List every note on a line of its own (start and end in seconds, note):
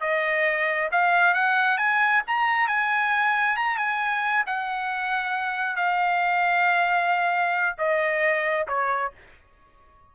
0.00 0.89 D#5
0.91 1.34 F5
1.34 1.77 F#5
1.77 2.22 G#5
2.27 2.67 A#5
2.67 3.56 G#5
3.56 3.77 A#5
3.77 4.44 G#5
4.46 5.76 F#5
5.76 7.76 F5
7.78 8.67 D#5
8.67 9.12 C#5